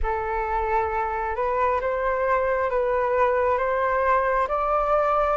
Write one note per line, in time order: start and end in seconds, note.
0.02 1.35 A4
1.35 1.80 B4
1.80 2.69 C5
2.69 3.57 B4
3.57 4.47 C5
4.48 5.37 D5